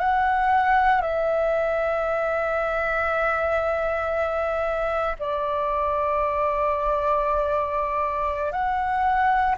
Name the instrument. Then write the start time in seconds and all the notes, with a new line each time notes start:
flute
0.00 F#5
1.02 E5
5.20 D5
8.53 F#5